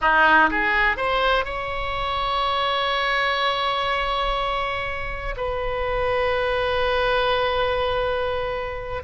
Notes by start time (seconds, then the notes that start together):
0.01 D#4
0.50 G#4
0.96 C5
1.44 C#5
5.37 B4